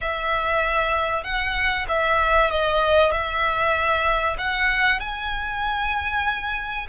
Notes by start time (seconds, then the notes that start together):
0.01 E5
1.23 F#5
1.88 E5
2.50 D#5
3.11 E5
4.38 F#5
4.99 G#5